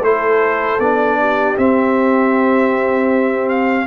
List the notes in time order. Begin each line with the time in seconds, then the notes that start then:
0.00 A3 E4 A4 C5
0.79 B3 D4 D5
1.20 G4
1.57 C4 E5
3.49 F5